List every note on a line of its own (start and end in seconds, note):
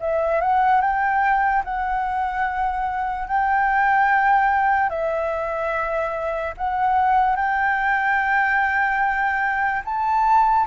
0.00 0.41 E5
0.41 0.81 F#5
0.81 1.63 G5
1.64 3.28 F#5
3.28 4.89 G5
4.89 6.54 E5
6.58 7.36 F#5
7.36 9.83 G5
9.85 10.67 A5